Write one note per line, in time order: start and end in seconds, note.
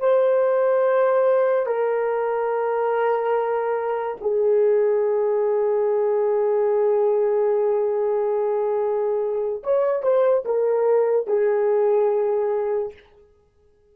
0.00 1.66 C5
1.66 4.16 A#4
4.21 9.62 G#4
9.63 10.02 C#5
10.02 10.44 C5
10.45 11.27 A#4
11.27 12.94 G#4